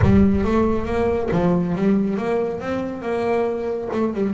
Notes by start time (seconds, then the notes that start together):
0.02 G3
0.44 A3
0.85 A#3
1.31 F3
1.75 G3
2.17 A#3
2.60 C4
3.02 A#3
3.92 A3
4.14 G3